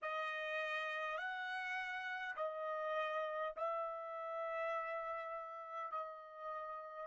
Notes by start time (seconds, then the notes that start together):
0.02 D#5
1.17 F#5
2.36 D#5
3.56 E5
5.91 D#5